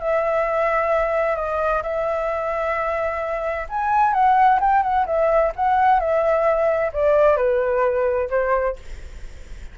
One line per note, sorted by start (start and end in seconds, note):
0.00 1.36 E5
1.36 1.82 D#5
1.83 3.67 E5
3.69 4.13 G#5
4.13 4.60 F#5
4.60 4.83 G5
4.83 5.06 F#5
5.06 5.52 E5
5.56 6.00 F#5
6.00 6.92 E5
6.93 7.37 D5
7.37 8.29 B4
8.30 8.76 C5